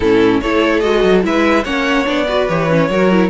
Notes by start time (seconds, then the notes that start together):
0.00 A2 C#4 E4 A4
0.40 A3 E4 A4 C#5
0.79 G#3 F#4 D#5
1.03 F#3
1.22 G#3 E4 B4 E5
1.63 A#3 C#4 C#5 F#5
2.05 B3 D4 D5
2.27 F#4 B4
2.48 E3 G4 C#5
2.69 C#4
2.89 F#3 F#4 A#4
3.11 E4